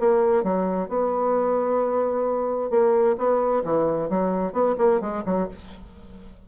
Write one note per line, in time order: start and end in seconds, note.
0.00 0.44 A#3
0.44 0.89 F#3
0.89 2.70 B3
2.70 3.16 A#3
3.18 3.63 B3
3.64 4.10 E3
4.10 4.53 F#3
4.53 4.75 B3
4.78 5.01 A#3
5.01 5.24 G#3
5.26 5.49 F#3